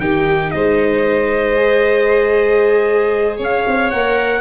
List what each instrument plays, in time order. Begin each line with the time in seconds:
0.00 tuba D#3, viola D#4, violin G4, trumpet G5
0.51 tuba G#3, violin C5, trumpet D#5
1.56 viola G#4
3.37 tuba C#4, violin C#5
3.44 trumpet F5
3.67 tuba C4
3.91 tuba A#3, viola A#4, trumpet F#5